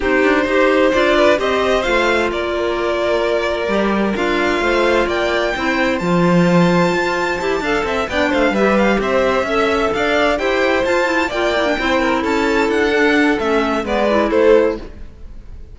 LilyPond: <<
  \new Staff \with { instrumentName = "violin" } { \time 4/4 \tempo 4 = 130 c''2 d''4 dis''4 | f''4 d''2.~ | d''4 f''2 g''4~ | g''4 a''2.~ |
a''4. g''8 f''8 e''8 f''8 e''8~ | e''4. f''4 g''4 a''8~ | a''8 g''2 a''4 fis''8~ | fis''4 e''4 d''4 c''4 | }
  \new Staff \with { instrumentName = "violin" } { \time 4/4 g'4 c''4. b'8 c''4~ | c''4 ais'2.~ | ais'2 c''4 d''4 | c''1~ |
c''8 f''8 e''8 d''8 c''8 b'4 c''8~ | c''8 e''4 d''4 c''4.~ | c''8 d''4 c''8 ais'8 a'4.~ | a'2 b'4 a'4 | }
  \new Staff \with { instrumentName = "clarinet" } { \time 4/4 dis'4 g'4 f'4 g'4 | f'1 | g'4 f'2. | e'4 f'2. |
g'8 a'4 d'4 g'4.~ | g'8 a'2 g'4 f'8 | e'8 f'8 e'16 d'16 e'2~ e'8 | d'4 cis'4 b8 e'4. | }
  \new Staff \with { instrumentName = "cello" } { \time 4/4 c'8 d'8 dis'4 d'4 c'4 | a4 ais2. | g4 d'4 a4 ais4 | c'4 f2 f'4 |
e'8 d'8 c'8 b8 a8 g4 c'8~ | c'8 cis'4 d'4 e'4 f'8~ | f'8 ais4 c'4 cis'4 d'8~ | d'4 a4 gis4 a4 | }
>>